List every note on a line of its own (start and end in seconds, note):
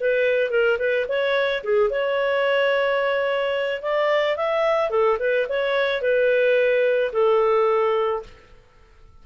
0.00 0.51 B4
0.51 0.78 A#4
0.79 1.06 B4
1.08 1.63 C#5
1.64 1.90 G#4
1.90 3.82 C#5
3.82 4.37 D5
4.37 4.90 E5
4.90 5.18 A4
5.19 5.47 B4
5.49 6.02 C#5
6.02 7.12 B4
7.13 8.23 A4